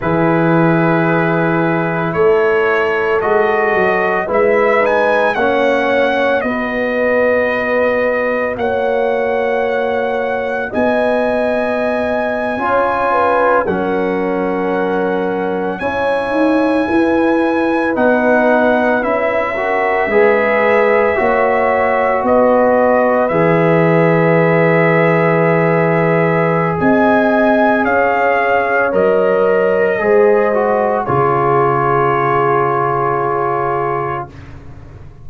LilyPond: <<
  \new Staff \with { instrumentName = "trumpet" } { \time 4/4 \tempo 4 = 56 b'2 cis''4 dis''4 | e''8 gis''8 fis''4 dis''2 | fis''2 gis''2~ | gis''8. fis''2 gis''4~ gis''16~ |
gis''8. fis''4 e''2~ e''16~ | e''8. dis''4 e''2~ e''16~ | e''4 gis''4 f''4 dis''4~ | dis''4 cis''2. | }
  \new Staff \with { instrumentName = "horn" } { \time 4/4 gis'2 a'2 | b'4 cis''4 b'2 | cis''2 dis''4.~ dis''16 cis''16~ | cis''16 b'8 ais'2 cis''4 b'16~ |
b'2~ b'16 ais'8 b'4 cis''16~ | cis''8. b'2.~ b'16~ | b'4 dis''4 cis''2 | c''4 gis'2. | }
  \new Staff \with { instrumentName = "trombone" } { \time 4/4 e'2. fis'4 | e'8 dis'8 cis'4 fis'2~ | fis'2.~ fis'8. f'16~ | f'8. cis'2 e'4~ e'16~ |
e'8. dis'4 e'8 fis'8 gis'4 fis'16~ | fis'4.~ fis'16 gis'2~ gis'16~ | gis'2. ais'4 | gis'8 fis'8 f'2. | }
  \new Staff \with { instrumentName = "tuba" } { \time 4/4 e2 a4 gis8 fis8 | gis4 ais4 b2 | ais2 b4.~ b16 cis'16~ | cis'8. fis2 cis'8 dis'8 e'16~ |
e'8. b4 cis'4 gis4 ais16~ | ais8. b4 e2~ e16~ | e4 c'4 cis'4 fis4 | gis4 cis2. | }
>>